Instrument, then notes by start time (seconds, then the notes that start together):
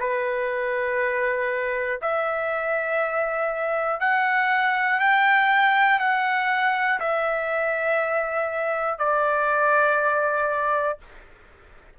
trumpet
0.00 B4
2.02 E5
4.00 F#5
5.00 G5
6.00 F#5
7.00 E5
8.99 D5